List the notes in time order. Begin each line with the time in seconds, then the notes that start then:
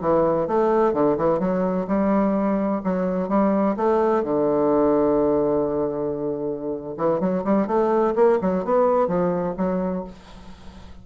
0.00 E3
0.47 A3
0.93 D3
1.17 E3
1.39 F#3
1.87 G3
2.83 F#3
3.28 G3
3.76 A3
4.23 D3
6.97 E3
7.20 F#3
7.44 G3
7.67 A3
8.15 A#3
8.41 F#3
8.64 B3
9.07 F3
9.57 F#3